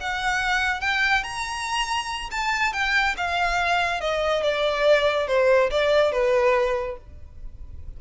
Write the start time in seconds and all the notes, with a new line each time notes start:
0.00 F#5
0.81 G5
1.23 A#5
2.31 A5
2.73 G5
3.17 F5
4.01 D#5
4.42 D5
5.27 C5
5.71 D5
6.12 B4